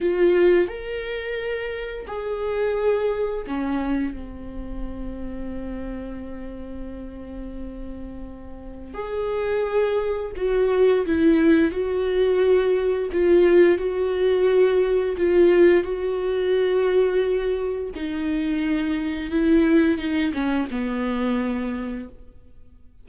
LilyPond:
\new Staff \with { instrumentName = "viola" } { \time 4/4 \tempo 4 = 87 f'4 ais'2 gis'4~ | gis'4 cis'4 c'2~ | c'1~ | c'4 gis'2 fis'4 |
e'4 fis'2 f'4 | fis'2 f'4 fis'4~ | fis'2 dis'2 | e'4 dis'8 cis'8 b2 | }